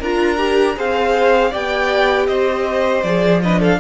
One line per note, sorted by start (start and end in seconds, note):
0.00 0.77 D4
0.00 0.37 F4
0.00 0.76 A#4
0.00 0.79 A#5
0.37 0.75 G4
0.76 1.54 C4
0.76 1.52 G#4
0.76 1.50 C5
0.76 1.54 F5
1.50 2.28 B3
1.50 3.04 G4
1.50 2.26 D5
1.50 2.27 G5
2.27 3.03 C4
2.27 3.42 C5
2.27 3.02 D#5
3.02 3.79 F3
3.02 3.44 G#4
3.02 3.40 D5
3.43 3.80 D4
3.43 3.60 B4
3.43 3.62 D#5
3.60 3.79 A4
3.60 3.80 F5